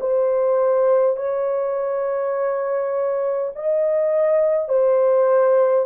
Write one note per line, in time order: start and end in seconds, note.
0.00 1.17 C5
1.17 3.52 C#5
3.55 4.68 D#5
4.68 5.86 C5